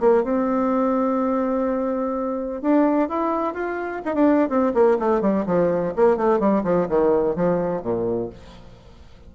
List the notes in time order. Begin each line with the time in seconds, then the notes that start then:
0.00 A#3
0.24 C4
2.61 D4
3.09 E4
3.54 F4
4.05 D#4
4.15 D4
4.49 C4
4.74 A#3
4.99 A3
5.21 G3
5.46 F3
5.96 A#3
6.17 A3
6.39 G3
6.63 F3
6.89 D#3
7.35 F3
7.82 A#2